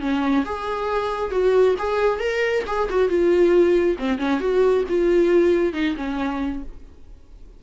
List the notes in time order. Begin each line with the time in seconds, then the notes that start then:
0.00 C#4
0.45 G#4
1.31 F#4
1.78 G#4
2.19 A#4
2.67 G#4
2.89 F#4
3.08 F4
3.98 C4
4.18 C#4
4.40 F#4
4.89 F4
5.73 D#4
5.96 C#4